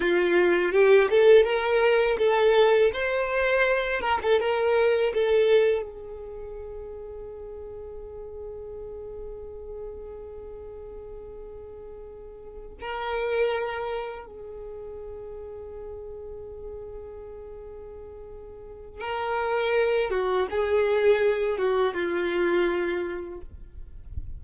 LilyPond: \new Staff \with { instrumentName = "violin" } { \time 4/4 \tempo 4 = 82 f'4 g'8 a'8 ais'4 a'4 | c''4. ais'16 a'16 ais'4 a'4 | gis'1~ | gis'1~ |
gis'4. ais'2 gis'8~ | gis'1~ | gis'2 ais'4. fis'8 | gis'4. fis'8 f'2 | }